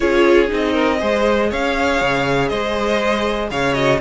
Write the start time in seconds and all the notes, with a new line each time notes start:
0.00 C#4 F4 G#4 C#5
0.48 C4 D#4
0.54 D#5
0.72 A#4
0.98 G#3 G#4 C5
1.49 C#4 C#5 F5
2.01 C#3
2.48 G#3 C5 D#5
3.50 C#3 C#5 F5
3.72 F#4 D#5